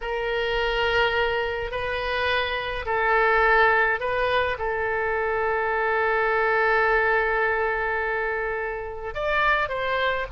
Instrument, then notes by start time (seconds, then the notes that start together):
oboe
0.01 A#4
1.71 B4
2.85 A4
4.00 B4
4.58 A4
9.14 D5
9.69 C5